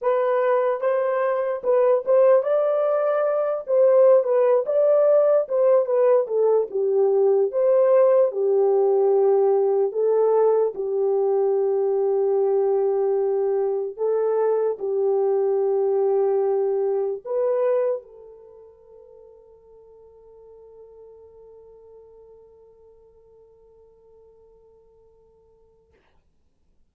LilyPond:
\new Staff \with { instrumentName = "horn" } { \time 4/4 \tempo 4 = 74 b'4 c''4 b'8 c''8 d''4~ | d''8 c''8. b'8 d''4 c''8 b'8 a'16~ | a'16 g'4 c''4 g'4.~ g'16~ | g'16 a'4 g'2~ g'8.~ |
g'4~ g'16 a'4 g'4.~ g'16~ | g'4~ g'16 b'4 a'4.~ a'16~ | a'1~ | a'1 | }